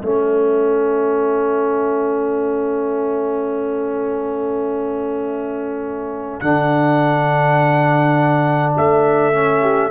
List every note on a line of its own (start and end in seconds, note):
0.00 6.42 A3
0.00 6.42 C#4
0.00 9.61 A4
0.00 6.40 E5
6.40 8.75 D3
6.40 9.33 D4
6.40 8.73 F#5
8.77 9.91 A3
8.77 9.91 E5
9.33 9.91 C#4
9.61 9.90 G4